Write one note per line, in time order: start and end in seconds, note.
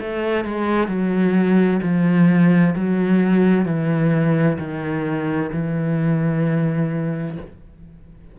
0.00 0.44 A3
0.44 0.87 G#3
0.87 1.80 F#3
1.82 2.74 F3
2.75 3.65 F#3
3.65 4.57 E3
4.58 5.50 D#3
5.52 7.37 E3